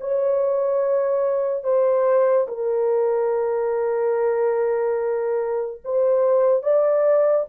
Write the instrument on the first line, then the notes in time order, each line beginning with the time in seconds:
horn
0.00 C#5
1.63 C5
2.48 A#4
5.84 C5
6.62 D5